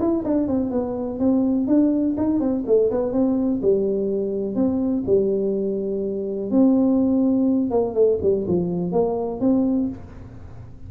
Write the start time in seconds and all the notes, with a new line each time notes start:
0.00 E4
0.25 D4
0.48 C4
0.71 B3
1.20 C4
1.68 D4
2.18 D#4
2.40 C4
2.67 A3
2.91 B3
3.13 C4
3.62 G3
4.56 C4
5.07 G3
6.51 C4
7.71 A#3
7.95 A3
8.23 G3
8.48 F3
8.93 A#3
9.41 C4